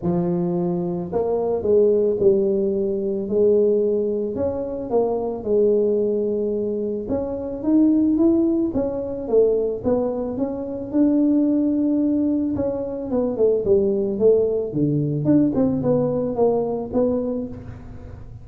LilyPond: \new Staff \with { instrumentName = "tuba" } { \time 4/4 \tempo 4 = 110 f2 ais4 gis4 | g2 gis2 | cis'4 ais4 gis2~ | gis4 cis'4 dis'4 e'4 |
cis'4 a4 b4 cis'4 | d'2. cis'4 | b8 a8 g4 a4 d4 | d'8 c'8 b4 ais4 b4 | }